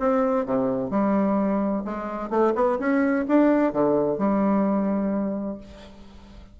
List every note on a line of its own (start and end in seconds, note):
0.00 0.46 C4
0.46 0.91 C3
0.91 1.84 G3
1.85 2.30 G#3
2.30 2.54 A3
2.55 2.79 B3
2.79 3.26 C#4
3.28 3.73 D4
3.73 4.18 D3
4.18 5.58 G3